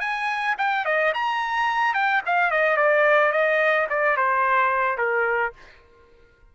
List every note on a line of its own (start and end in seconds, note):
0.00 0.55 G#5
0.58 0.85 G5
0.85 1.13 D#5
1.14 1.94 A#5
1.94 2.21 G5
2.26 2.51 F5
2.51 2.77 D#5
2.77 3.32 D5
3.32 3.87 D#5
3.90 4.17 D5
4.17 4.97 C5
4.97 5.52 A#4